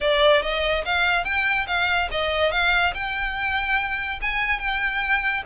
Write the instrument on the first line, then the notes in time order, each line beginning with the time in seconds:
violin
0.01 D5
0.42 D#5
0.85 F5
1.24 G5
1.67 F5
2.11 D#5
2.51 F5
2.94 G5
4.21 G#5
4.59 G5